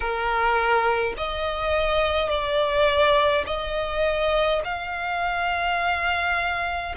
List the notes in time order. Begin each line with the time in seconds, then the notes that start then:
0.00 A#4
1.17 D#5
2.29 D5
3.46 D#5
4.64 F5